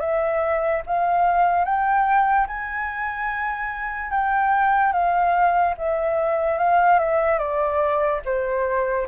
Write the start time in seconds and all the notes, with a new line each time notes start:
0.00 E5
0.87 F5
1.65 G5
2.47 G#5
4.11 G5
4.92 F5
5.78 E5
6.58 F5
6.99 E5
7.39 D5
8.25 C5